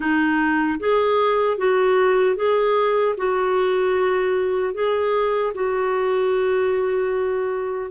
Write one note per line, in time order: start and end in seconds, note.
0.00 0.79 D#4
0.79 1.57 G#4
1.57 2.36 F#4
2.36 3.15 G#4
3.17 4.74 F#4
4.74 5.53 G#4
5.54 7.90 F#4